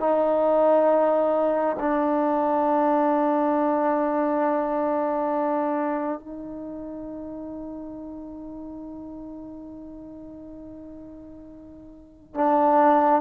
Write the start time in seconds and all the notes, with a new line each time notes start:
0.00 D#4
1.80 D4
6.20 D#4
12.35 D4